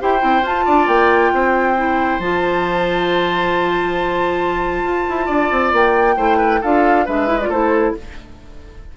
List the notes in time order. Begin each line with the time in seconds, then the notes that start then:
0.00 E4 G4 C5 G5
0.19 C4 E4
0.42 F4 A5
0.65 D4 D5
0.87 A#3 G5
1.33 C4 C5
1.76 E4
2.19 F3 F4 A5
4.83 F4
5.09 E4
5.26 D4 D5
5.51 C4
5.72 A#3 G5
6.17 A3 E4 C5
6.37 B4
6.61 D4 F4 A4 F5
7.05 G#3 D4 B4 E5
7.27 E4
7.40 F4 D5
7.49 A3 E4 A4 C5